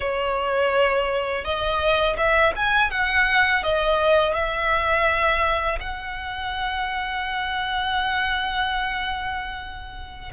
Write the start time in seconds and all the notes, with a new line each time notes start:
0.00 C#5
1.44 D#5
2.17 E5
2.56 G#5
2.90 F#5
3.63 D#5
4.34 E5
5.80 F#5